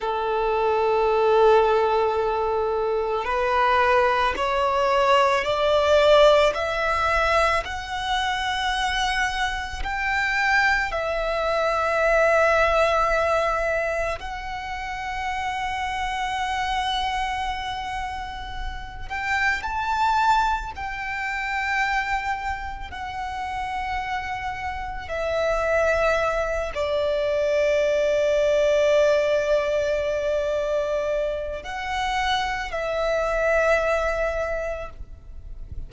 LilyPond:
\new Staff \with { instrumentName = "violin" } { \time 4/4 \tempo 4 = 55 a'2. b'4 | cis''4 d''4 e''4 fis''4~ | fis''4 g''4 e''2~ | e''4 fis''2.~ |
fis''4. g''8 a''4 g''4~ | g''4 fis''2 e''4~ | e''8 d''2.~ d''8~ | d''4 fis''4 e''2 | }